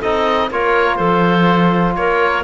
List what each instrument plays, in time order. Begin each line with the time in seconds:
0.00 cello C4, trombone D#4, clarinet A4, oboe D#5
0.50 cello A#3, trombone F4, clarinet A#4, oboe C#5
0.97 cello F3, clarinet A4, oboe C5
1.96 cello A#3, clarinet A#4, oboe C#5